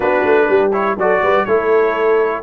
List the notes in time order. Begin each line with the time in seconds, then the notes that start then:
0.00 B3 D4 F#4 B4
0.24 A3
0.48 G3 G4
0.72 E4 C#5
0.96 F#3 F#4 A4 D5
1.21 G3 B4
1.45 A3 E4 A4 C#5